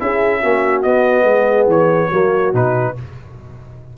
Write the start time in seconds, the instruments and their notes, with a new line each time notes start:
0.00 tuba C#4, trombone E4, horn G#4, trumpet E5
0.40 tuba A#3, trombone C#4, horn F#4
0.83 trombone B3, tuba B3, trumpet D#5
1.24 tuba G#3, horn G#4
1.67 tuba E3, trumpet C#5
2.09 tuba F#3, trombone A#3, horn F#4
2.53 tuba B2, trombone D#4, trumpet B4